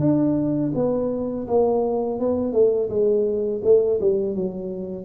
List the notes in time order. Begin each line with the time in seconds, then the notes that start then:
0.00 D4
0.75 B3
1.47 A#3
2.19 B3
2.53 A3
2.89 G#3
3.64 A3
4.01 G3
4.35 F#3